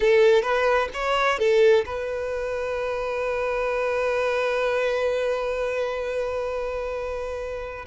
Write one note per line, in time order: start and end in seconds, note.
0.00 0.42 A4
0.42 0.88 B4
0.93 1.38 C#5
1.38 1.84 A4
1.85 7.85 B4